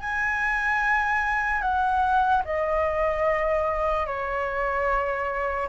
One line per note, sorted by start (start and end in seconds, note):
0.00 1.61 G#5
1.61 2.43 F#5
2.44 4.06 D#5
4.06 5.68 C#5